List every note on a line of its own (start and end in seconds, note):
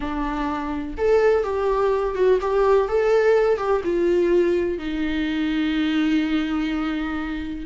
0.00 0.95 D4
0.97 1.43 A4
1.43 2.14 G4
2.14 2.38 F#4
2.41 2.88 G4
2.88 3.57 A4
3.57 3.81 G4
3.84 4.78 F4
4.78 7.66 D#4